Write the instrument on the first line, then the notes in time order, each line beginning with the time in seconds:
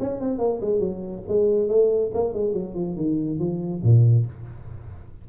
tuba
0.00 C#4
0.20 C4
0.38 A#3
0.61 G#3
0.79 F#3
1.28 G#3
1.68 A3
2.14 A#3
2.34 G#3
2.53 F#3
2.74 F3
2.96 D#3
3.39 F3
3.83 A#2